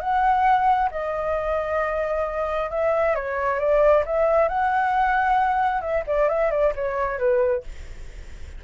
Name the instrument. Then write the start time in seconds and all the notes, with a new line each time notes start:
flute
0.00 F#5
0.91 D#5
2.70 E5
3.15 C#5
3.59 D5
4.05 E5
4.49 F#5
5.81 E5
6.07 D5
6.29 E5
6.51 D5
6.75 C#5
7.18 B4